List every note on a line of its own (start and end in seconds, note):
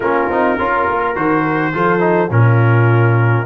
0.00 0.27 A#3
0.00 0.31 C#4
0.00 0.57 F4
0.00 1.15 A#4
0.29 0.58 C4
0.29 0.58 D#4
0.58 0.87 C#4
0.58 1.15 F4
0.58 1.73 A#4
0.88 1.16 A#3
1.15 1.73 D#3
1.15 1.73 F#4
1.15 2.31 C5
1.73 2.30 F3
1.73 1.99 F4
1.73 2.31 A4
1.99 2.28 D#4
2.30 3.45 A#2
2.30 3.46 C#4
2.30 3.46 F4
2.30 3.46 A#4